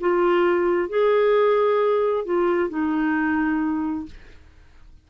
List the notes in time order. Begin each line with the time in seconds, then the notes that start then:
0.00 F4
0.89 G#4
2.25 F4
2.69 D#4